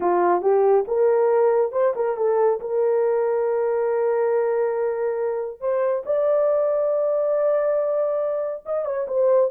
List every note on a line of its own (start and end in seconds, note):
0.00 0.41 F4
0.41 0.84 G4
0.87 1.71 A#4
1.71 1.93 C5
1.95 2.16 A#4
2.16 2.60 A4
2.60 5.60 A#4
5.60 6.03 C5
6.05 8.64 D5
8.65 8.85 D#5
8.85 9.06 C#5
9.07 9.50 C5